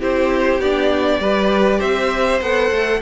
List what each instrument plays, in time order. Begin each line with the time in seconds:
0.00 cello C4, viola E4, violin G4 C5
0.59 cello B3, viola D4, violin D5
1.19 cello G3, viola G4, violin B4
1.79 cello C4, violin C5 E5
2.41 cello B3, viola A4, violin F#5
2.71 cello A3